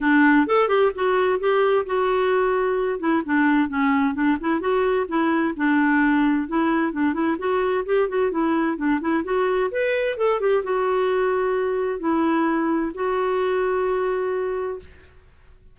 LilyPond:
\new Staff \with { instrumentName = "clarinet" } { \time 4/4 \tempo 4 = 130 d'4 a'8 g'8 fis'4 g'4 | fis'2~ fis'8 e'8 d'4 | cis'4 d'8 e'8 fis'4 e'4 | d'2 e'4 d'8 e'8 |
fis'4 g'8 fis'8 e'4 d'8 e'8 | fis'4 b'4 a'8 g'8 fis'4~ | fis'2 e'2 | fis'1 | }